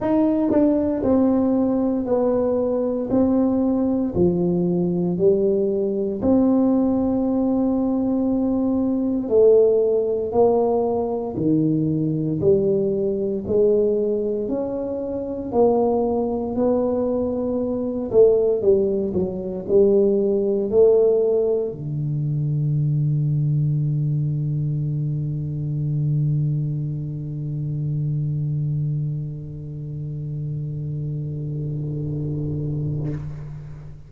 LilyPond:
\new Staff \with { instrumentName = "tuba" } { \time 4/4 \tempo 4 = 58 dis'8 d'8 c'4 b4 c'4 | f4 g4 c'2~ | c'4 a4 ais4 dis4 | g4 gis4 cis'4 ais4 |
b4. a8 g8 fis8 g4 | a4 d2.~ | d1~ | d1 | }